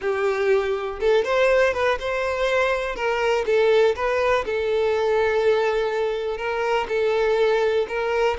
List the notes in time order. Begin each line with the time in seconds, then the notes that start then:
0.01 G4
1.00 A4
1.24 C5
1.73 B4
1.99 C5
2.95 A#4
3.46 A4
3.95 B4
4.45 A4
6.37 A#4
6.88 A4
7.88 A#4